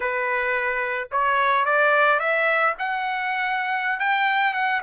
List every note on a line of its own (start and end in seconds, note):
0.00 1.08 B4
1.11 1.65 C#5
1.65 2.19 D5
2.19 2.74 E5
2.78 3.99 F#5
3.99 4.53 G5
4.53 4.81 F#5